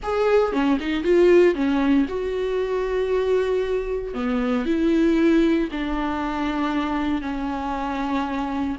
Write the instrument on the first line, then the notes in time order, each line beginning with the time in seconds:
viola
0.03 G#4
0.52 C#4
0.79 D#4
1.03 F4
1.54 C#4
2.08 F#4
4.14 B3
4.65 E4
5.71 D4
7.21 C#4